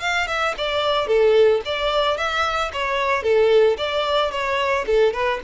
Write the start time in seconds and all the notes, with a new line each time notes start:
0.00 F5
0.27 E5
0.57 D5
1.07 A4
1.65 D5
2.17 E5
2.72 C#5
3.22 A4
3.77 D5
4.31 C#5
4.86 A4
5.13 B4